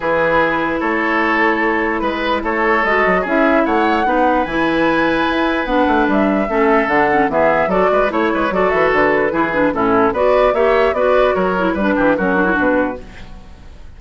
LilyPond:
<<
  \new Staff \with { instrumentName = "flute" } { \time 4/4 \tempo 4 = 148 b'2 cis''2~ | cis''4 b'4 cis''4 dis''4 | e''4 fis''2 gis''4~ | gis''2 fis''4 e''4~ |
e''4 fis''4 e''4 d''4 | cis''4 d''8 e''8 b'2 | a'4 d''4 e''4 d''4 | cis''4 b'4 ais'4 b'4 | }
  \new Staff \with { instrumentName = "oboe" } { \time 4/4 gis'2 a'2~ | a'4 b'4 a'2 | gis'4 cis''4 b'2~ | b'1 |
a'2 gis'4 a'8 b'8 | cis''8 b'8 a'2 gis'4 | e'4 b'4 cis''4 b'4 | ais'4 b'8 g'8 fis'2 | }
  \new Staff \with { instrumentName = "clarinet" } { \time 4/4 e'1~ | e'2. fis'4 | e'2 dis'4 e'4~ | e'2 d'2 |
cis'4 d'8 cis'8 b4 fis'4 | e'4 fis'2 e'8 d'8 | cis'4 fis'4 g'4 fis'4~ | fis'8 e'8 d'4 cis'8 d'16 e'16 d'4 | }
  \new Staff \with { instrumentName = "bassoon" } { \time 4/4 e2 a2~ | a4 gis4 a4 gis8 fis8 | cis'4 a4 b4 e4~ | e4 e'4 b8 a8 g4 |
a4 d4 e4 fis8 gis8 | a8 gis8 fis8 e8 d4 e4 | a,4 b4 ais4 b4 | fis4 g8 e8 fis4 b,4 | }
>>